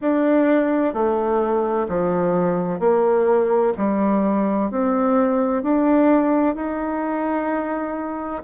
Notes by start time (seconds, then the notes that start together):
0.01 D4
0.93 A3
1.88 F3
2.79 A#3
3.77 G3
4.70 C4
5.62 D4
6.55 D#4